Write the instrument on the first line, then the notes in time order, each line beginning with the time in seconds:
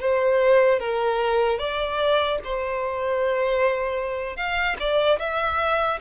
violin
0.00 C5
0.79 A#4
1.58 D5
2.44 C5
4.36 F5
4.79 D5
5.19 E5